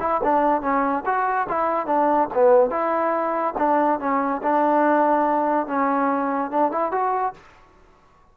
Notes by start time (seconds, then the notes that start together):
0.00 E4
0.23 D4
0.61 C#4
1.05 F#4
1.48 E4
1.86 D4
2.34 B3
2.70 E4
3.57 D4
4.00 C#4
4.43 D4
5.67 C#4
6.51 D4
6.71 E4
6.91 F#4